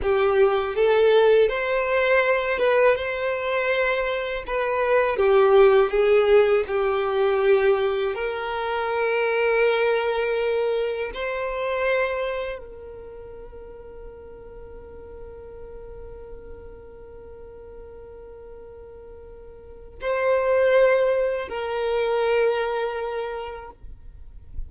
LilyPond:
\new Staff \with { instrumentName = "violin" } { \time 4/4 \tempo 4 = 81 g'4 a'4 c''4. b'8 | c''2 b'4 g'4 | gis'4 g'2 ais'4~ | ais'2. c''4~ |
c''4 ais'2.~ | ais'1~ | ais'2. c''4~ | c''4 ais'2. | }